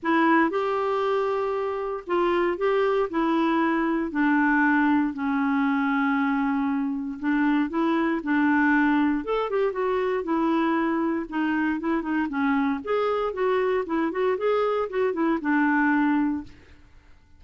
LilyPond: \new Staff \with { instrumentName = "clarinet" } { \time 4/4 \tempo 4 = 117 e'4 g'2. | f'4 g'4 e'2 | d'2 cis'2~ | cis'2 d'4 e'4 |
d'2 a'8 g'8 fis'4 | e'2 dis'4 e'8 dis'8 | cis'4 gis'4 fis'4 e'8 fis'8 | gis'4 fis'8 e'8 d'2 | }